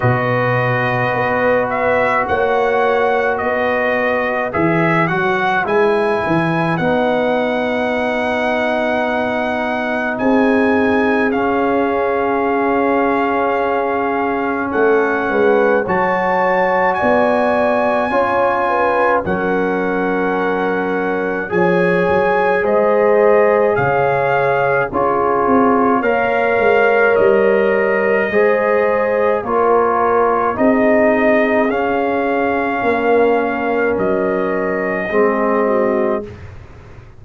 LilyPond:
<<
  \new Staff \with { instrumentName = "trumpet" } { \time 4/4 \tempo 4 = 53 dis''4. e''8 fis''4 dis''4 | e''8 fis''8 gis''4 fis''2~ | fis''4 gis''4 f''2~ | f''4 fis''4 a''4 gis''4~ |
gis''4 fis''2 gis''4 | dis''4 f''4 cis''4 f''4 | dis''2 cis''4 dis''4 | f''2 dis''2 | }
  \new Staff \with { instrumentName = "horn" } { \time 4/4 b'2 cis''4 b'4~ | b'1~ | b'4 gis'2.~ | gis'4 a'8 b'8 cis''4 d''4 |
cis''8 b'8 ais'2 cis''4 | c''4 cis''4 gis'4 cis''4~ | cis''4 c''4 ais'4 gis'4~ | gis'4 ais'2 gis'8 fis'8 | }
  \new Staff \with { instrumentName = "trombone" } { \time 4/4 fis'1 | gis'8 fis'8 e'4 dis'2~ | dis'2 cis'2~ | cis'2 fis'2 |
f'4 cis'2 gis'4~ | gis'2 f'4 ais'4~ | ais'4 gis'4 f'4 dis'4 | cis'2. c'4 | }
  \new Staff \with { instrumentName = "tuba" } { \time 4/4 b,4 b4 ais4 b4 | e8 fis8 gis8 e8 b2~ | b4 c'4 cis'2~ | cis'4 a8 gis8 fis4 b4 |
cis'4 fis2 f8 fis8 | gis4 cis4 cis'8 c'8 ais8 gis8 | g4 gis4 ais4 c'4 | cis'4 ais4 fis4 gis4 | }
>>